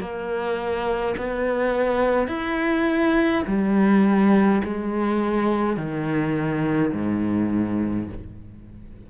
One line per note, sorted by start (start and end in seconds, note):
0.00 1.15 A#3
1.17 2.28 B3
2.28 3.43 E4
3.47 4.62 G3
4.64 5.77 G#3
5.77 6.92 D#3
6.93 8.08 G#2